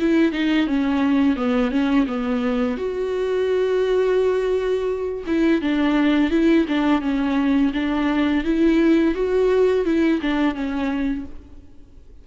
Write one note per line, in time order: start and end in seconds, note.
0.00 0.32 E4
0.32 0.67 D#4
0.67 1.37 C#4
1.37 1.71 B3
1.71 2.07 C#4
2.07 2.78 B3
2.78 5.25 F#4
5.27 5.62 E4
5.62 6.31 D4
6.31 6.66 E4
6.69 7.02 D4
7.02 7.72 C#4
7.74 8.44 D4
8.44 9.15 E4
9.15 9.85 F#4
9.85 10.21 E4
10.22 10.55 D4
10.55 11.26 C#4